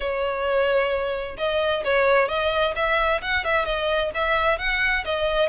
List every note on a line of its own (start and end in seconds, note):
0.00 1.37 C#5
1.37 1.83 D#5
1.84 2.28 C#5
2.28 2.74 D#5
2.75 3.21 E5
3.21 3.44 F#5
3.44 3.65 E5
3.65 4.11 D#5
4.14 4.58 E5
4.58 5.04 F#5
5.05 5.49 D#5